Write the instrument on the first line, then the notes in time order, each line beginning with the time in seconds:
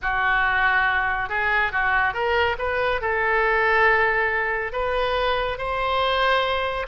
oboe
0.01 F#4
1.29 G#4
1.72 F#4
2.13 A#4
2.58 B4
3.01 A4
4.72 B4
5.58 C5